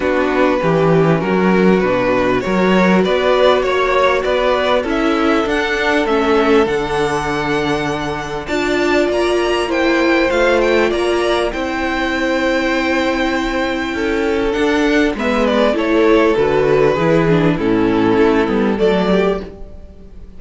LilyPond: <<
  \new Staff \with { instrumentName = "violin" } { \time 4/4 \tempo 4 = 99 b'2 ais'4 b'4 | cis''4 d''4 cis''4 d''4 | e''4 fis''4 e''4 fis''4~ | fis''2 a''4 ais''4 |
g''4 f''8 g''8 ais''4 g''4~ | g''1 | fis''4 e''8 d''8 cis''4 b'4~ | b'4 a'2 d''4 | }
  \new Staff \with { instrumentName = "violin" } { \time 4/4 fis'4 g'4 fis'2 | ais'4 b'4 cis''4 b'4 | a'1~ | a'2 d''2 |
c''2 d''4 c''4~ | c''2. a'4~ | a'4 b'4 a'2 | gis'4 e'2 a'8 g'8 | }
  \new Staff \with { instrumentName = "viola" } { \time 4/4 d'4 cis'2 d'4 | fis'1 | e'4 d'4 cis'4 d'4~ | d'2 f'2 |
e'4 f'2 e'4~ | e'1 | d'4 b4 e'4 fis'4 | e'8 d'8 cis'4. b8 a4 | }
  \new Staff \with { instrumentName = "cello" } { \time 4/4 b4 e4 fis4 b,4 | fis4 b4 ais4 b4 | cis'4 d'4 a4 d4~ | d2 d'4 ais4~ |
ais4 a4 ais4 c'4~ | c'2. cis'4 | d'4 gis4 a4 d4 | e4 a,4 a8 g8 fis4 | }
>>